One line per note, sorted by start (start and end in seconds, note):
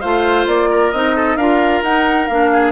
0.00 0.46 A3
0.00 0.93 F4
0.00 0.69 C5
0.00 0.45 F5
0.46 0.91 A#3
0.46 0.91 D5
0.70 1.16 A#4
0.91 1.36 C4
0.91 1.39 D#4
0.91 1.36 D#5
1.16 1.36 A4
1.36 1.81 D4
1.36 1.84 F4
1.36 2.50 A#4
1.36 1.81 F5
1.81 2.27 D#4
1.81 2.30 D#4
1.81 2.26 F#5
2.26 2.72 A#3
2.26 2.72 D4
2.26 2.72 F5
2.52 2.72 G#4